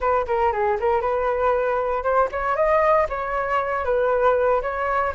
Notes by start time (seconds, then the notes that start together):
0.00 B4
0.26 A#4
0.52 G#4
0.79 A#4
1.01 B4
2.03 C5
2.31 C#5
2.55 D#5
3.09 C#5
3.84 B4
4.62 C#5